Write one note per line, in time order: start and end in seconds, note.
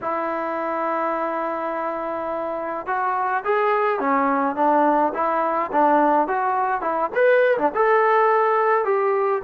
0.01 2.86 E4
2.86 3.43 F#4
3.44 3.99 G#4
3.99 4.55 C#4
4.55 5.12 D4
5.14 5.71 E4
5.71 6.27 D4
6.27 6.81 F#4
6.81 7.10 E4
7.15 7.57 B4
7.57 7.72 D4
7.75 8.84 A4
8.84 9.42 G4